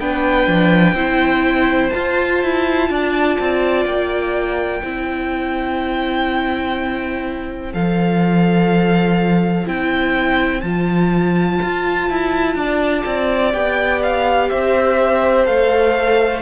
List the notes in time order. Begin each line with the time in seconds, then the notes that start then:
0.00 B3 D4 B4 G5
0.48 F3
0.93 C4 E4 C5
1.90 F4 A5
2.43 E4
2.90 D4 D5
3.40 C4
3.86 A#3 G5
4.82 C4 E4 C5
7.73 F3 A4 F5
9.66 C4 E4 G5
10.61 F3 F4 A5
11.63 F4
12.10 E4
12.56 D4 D5
13.06 C4
13.52 B3 G4 G5
14.03 F5
14.50 C4 C5 E5
15.46 A3 A4 F5